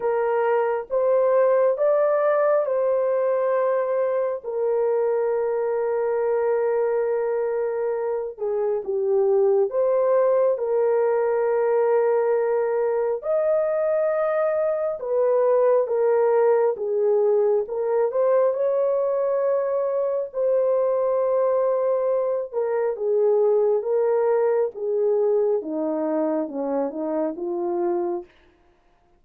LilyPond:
\new Staff \with { instrumentName = "horn" } { \time 4/4 \tempo 4 = 68 ais'4 c''4 d''4 c''4~ | c''4 ais'2.~ | ais'4. gis'8 g'4 c''4 | ais'2. dis''4~ |
dis''4 b'4 ais'4 gis'4 | ais'8 c''8 cis''2 c''4~ | c''4. ais'8 gis'4 ais'4 | gis'4 dis'4 cis'8 dis'8 f'4 | }